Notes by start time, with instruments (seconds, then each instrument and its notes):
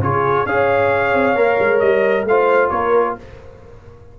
0.00 tuba C#3, trombone F4, horn G#4, trumpet C#5
0.46 tuba C#4, trombone G#4, horn C#5, trumpet F5
1.13 tuba C4
1.35 tuba A#3, trombone A#4
1.59 tuba G#3
1.80 tuba G3, trumpet D#5
2.25 tuba A3, trombone F4, horn C5, trumpet F5
2.70 tuba A#3, horn A#4, trumpet C#5